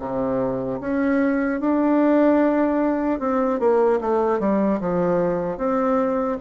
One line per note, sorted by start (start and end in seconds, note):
0.00 0.80 C3
0.81 1.61 C#4
1.61 3.20 D4
3.20 3.60 C4
3.60 4.00 A#3
4.01 4.40 A3
4.40 4.80 G3
4.81 5.58 F3
5.58 6.38 C4